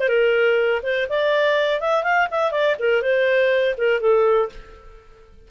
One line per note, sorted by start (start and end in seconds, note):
0.00 0.08 C5
0.08 0.81 A#4
0.83 1.07 C5
1.09 1.80 D5
1.80 2.04 E5
2.04 2.28 F5
2.31 2.51 E5
2.51 2.76 D5
2.79 3.02 A#4
3.02 3.75 C5
3.77 4.00 A#4
4.00 4.49 A4